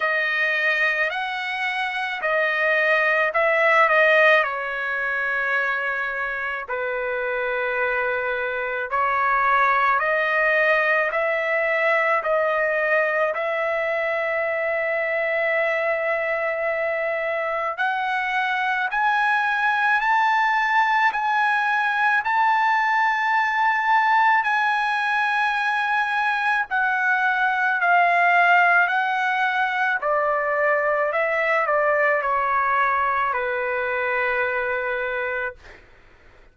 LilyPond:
\new Staff \with { instrumentName = "trumpet" } { \time 4/4 \tempo 4 = 54 dis''4 fis''4 dis''4 e''8 dis''8 | cis''2 b'2 | cis''4 dis''4 e''4 dis''4 | e''1 |
fis''4 gis''4 a''4 gis''4 | a''2 gis''2 | fis''4 f''4 fis''4 d''4 | e''8 d''8 cis''4 b'2 | }